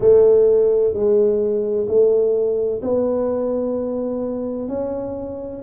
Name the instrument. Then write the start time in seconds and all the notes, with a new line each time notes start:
tuba
0.00 A3
0.93 G#3
1.87 A3
2.82 B3
4.68 C#4